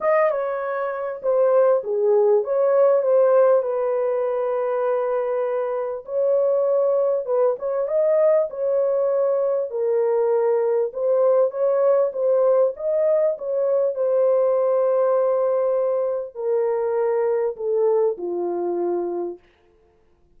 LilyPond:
\new Staff \with { instrumentName = "horn" } { \time 4/4 \tempo 4 = 99 dis''8 cis''4. c''4 gis'4 | cis''4 c''4 b'2~ | b'2 cis''2 | b'8 cis''8 dis''4 cis''2 |
ais'2 c''4 cis''4 | c''4 dis''4 cis''4 c''4~ | c''2. ais'4~ | ais'4 a'4 f'2 | }